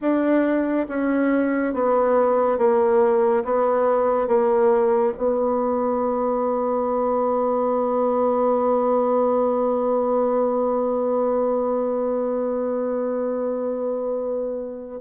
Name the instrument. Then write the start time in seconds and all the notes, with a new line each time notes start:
bassoon
0.01 D4
0.88 C#4
1.73 B3
2.58 A#3
3.44 B3
4.27 A#3
5.17 B3